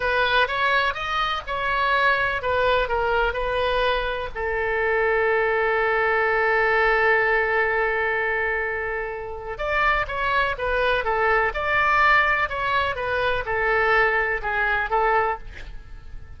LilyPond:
\new Staff \with { instrumentName = "oboe" } { \time 4/4 \tempo 4 = 125 b'4 cis''4 dis''4 cis''4~ | cis''4 b'4 ais'4 b'4~ | b'4 a'2.~ | a'1~ |
a'1 | d''4 cis''4 b'4 a'4 | d''2 cis''4 b'4 | a'2 gis'4 a'4 | }